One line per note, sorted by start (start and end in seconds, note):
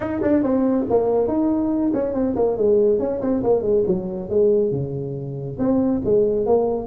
0.00 0.21 D#4
0.22 0.43 D4
0.43 0.86 C4
0.90 1.27 A#3
1.27 1.91 D#4
1.93 2.14 C#4
2.14 2.35 C4
2.35 2.57 A#3
2.57 2.99 G#3
2.99 3.20 C#4
3.21 3.42 C4
3.43 3.62 A#3
3.62 3.83 G#3
3.86 4.29 F#3
4.29 4.71 G#3
4.71 5.57 C#3
5.58 6.01 C4
6.04 6.46 G#3
6.46 6.86 A#3